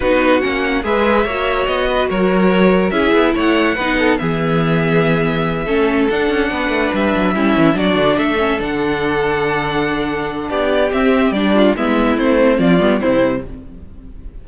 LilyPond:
<<
  \new Staff \with { instrumentName = "violin" } { \time 4/4 \tempo 4 = 143 b'4 fis''4 e''2 | dis''4 cis''2 e''4 | fis''2 e''2~ | e''2~ e''8 fis''4.~ |
fis''8 e''2 d''4 e''8~ | e''8 fis''2.~ fis''8~ | fis''4 d''4 e''4 d''4 | e''4 c''4 d''4 c''4 | }
  \new Staff \with { instrumentName = "violin" } { \time 4/4 fis'2 b'4 cis''4~ | cis''8 b'8 ais'2 gis'4 | cis''4 b'8 a'8 gis'2~ | gis'4. a'2 b'8~ |
b'4. e'4 fis'4 a'8~ | a'1~ | a'4 g'2~ g'8 f'8 | e'2 f'4 e'4 | }
  \new Staff \with { instrumentName = "viola" } { \time 4/4 dis'4 cis'4 gis'4 fis'4~ | fis'2. e'4~ | e'4 dis'4 b2~ | b4. cis'4 d'4.~ |
d'4. cis'4 d'4. | cis'8 d'2.~ d'8~ | d'2 c'4 d'4 | b4 c'4. b8 c'4 | }
  \new Staff \with { instrumentName = "cello" } { \time 4/4 b4 ais4 gis4 ais4 | b4 fis2 cis'8 b8 | a4 b4 e2~ | e4. a4 d'8 cis'8 b8 |
a8 g8 fis8 g8 e8 fis8 d8 a8~ | a8 d2.~ d8~ | d4 b4 c'4 g4 | gis4 a4 f8 g8 c4 | }
>>